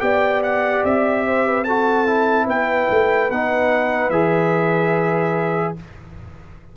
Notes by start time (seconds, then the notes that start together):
0.00 B3 G4 D5 G5
0.43 F#5
0.84 C4 E5
1.27 C5
1.47 B4
1.64 F#4 A4 A5
2.07 E4
2.46 B3 B4 G5
2.90 A3
3.30 B3 D#4 F#5
4.10 E3 G#4 E5